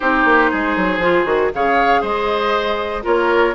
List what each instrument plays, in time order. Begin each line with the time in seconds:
0.00 bassoon C4, clarinet D#4, oboe G4, flute C5
0.25 bassoon A#3
0.50 bassoon G#3, oboe G#4
0.76 bassoon F#3
0.98 bassoon F3, clarinet F4
1.25 bassoon D#3, clarinet F#4
1.53 bassoon C#3, clarinet G#4, oboe C#5, flute F5
2.01 bassoon G#3, oboe C5, flute D#5
3.02 bassoon A#3, clarinet F4, oboe A#4, flute C#5